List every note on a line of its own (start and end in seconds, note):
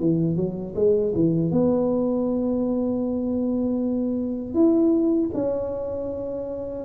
0.00 0.36 E3
0.36 0.74 F#3
0.75 1.13 G#3
1.15 1.51 E3
1.51 4.54 B3
4.54 5.30 E4
5.34 6.85 C#4